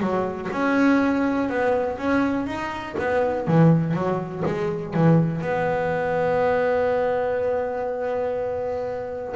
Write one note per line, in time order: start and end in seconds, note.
0.00 0.49 F#3
0.51 1.49 C#4
1.49 1.98 B3
1.98 2.46 C#4
2.46 2.96 D#4
2.99 3.47 B3
3.47 3.93 E3
3.93 4.43 F#3
4.45 4.94 G#3
4.94 5.41 E3
5.41 9.34 B3